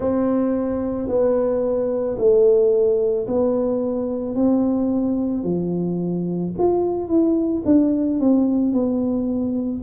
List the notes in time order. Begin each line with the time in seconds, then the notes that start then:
0.00 C4
1.08 B3
2.18 A3
3.27 B3
4.35 C4
5.43 F3
6.58 F4
7.08 E4
7.65 D4
8.20 C4
8.73 B3